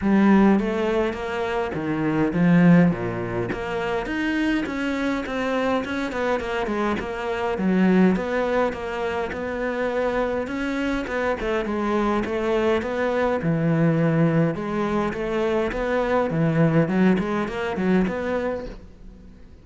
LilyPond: \new Staff \with { instrumentName = "cello" } { \time 4/4 \tempo 4 = 103 g4 a4 ais4 dis4 | f4 ais,4 ais4 dis'4 | cis'4 c'4 cis'8 b8 ais8 gis8 | ais4 fis4 b4 ais4 |
b2 cis'4 b8 a8 | gis4 a4 b4 e4~ | e4 gis4 a4 b4 | e4 fis8 gis8 ais8 fis8 b4 | }